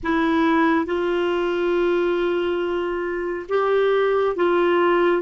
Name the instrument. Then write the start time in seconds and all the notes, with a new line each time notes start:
clarinet
0.03 E4
0.85 F4
3.49 G4
4.36 F4